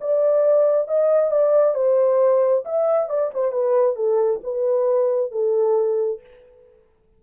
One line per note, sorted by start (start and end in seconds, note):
0.00 0.87 D5
0.87 1.30 D#5
1.30 1.74 D5
1.74 2.63 C5
2.65 3.09 E5
3.09 3.31 D5
3.33 3.51 C5
3.51 3.95 B4
3.95 4.40 A4
4.43 5.31 B4
5.31 6.20 A4